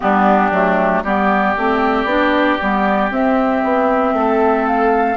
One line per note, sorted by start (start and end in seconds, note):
0.00 0.51 G3
0.00 0.52 B3
0.00 1.03 D4
0.00 1.02 G4
0.51 1.03 F#3
0.51 1.04 A3
1.03 1.55 G3
1.03 1.56 B3
1.03 4.14 G4
1.03 3.11 D5
1.56 2.04 A3
1.56 2.07 C4
2.04 2.56 B3
2.04 2.59 D4
2.60 3.11 G3
2.60 3.10 B3
3.10 5.16 C4
3.10 3.62 C4
3.10 4.66 E5
3.63 4.13 B3
4.13 5.16 A3
4.13 5.16 A4
4.66 5.16 F5